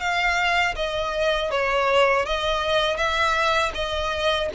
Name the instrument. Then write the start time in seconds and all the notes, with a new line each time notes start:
violin
0.00 F5
0.76 D#5
1.51 C#5
2.25 D#5
2.97 E5
3.74 D#5